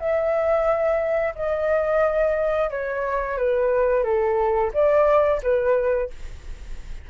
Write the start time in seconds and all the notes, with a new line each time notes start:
0.00 E5
1.36 D#5
2.71 C#5
3.38 B4
4.04 A4
4.74 D5
5.43 B4